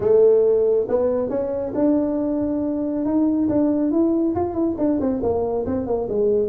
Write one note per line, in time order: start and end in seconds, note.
0.00 0.87 A3
0.88 1.29 B3
1.29 1.73 C#4
1.74 3.05 D4
3.05 3.48 D#4
3.48 3.91 D4
3.91 4.34 E4
4.35 4.53 F4
4.53 4.75 E4
4.77 4.99 D4
5.00 5.22 C4
5.22 5.65 A#3
5.65 5.86 C4
5.86 6.08 A#3
6.08 6.49 G#3